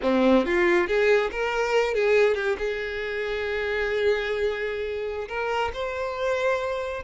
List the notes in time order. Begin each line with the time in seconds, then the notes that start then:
0.02 C4
0.45 F4
0.87 G#4
1.31 A#4
1.94 G#4
2.34 G4
2.58 G#4
5.28 A#4
5.73 C5